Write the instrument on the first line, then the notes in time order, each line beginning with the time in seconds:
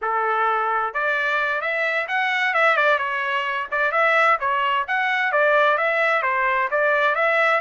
trumpet
0.01 A4
0.93 D5
1.61 E5
2.07 F#5
2.54 E5
2.76 D5
2.98 C#5
3.71 D5
3.91 E5
4.40 C#5
4.87 F#5
5.31 D5
5.77 E5
6.22 C5
6.70 D5
7.15 E5